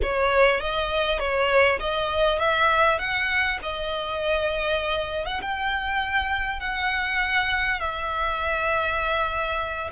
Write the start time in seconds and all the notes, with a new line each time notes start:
0.02 C#5
0.60 D#5
1.19 C#5
1.79 D#5
2.38 E5
2.98 F#5
3.62 D#5
5.25 F#5
5.41 G5
6.60 F#5
7.79 E5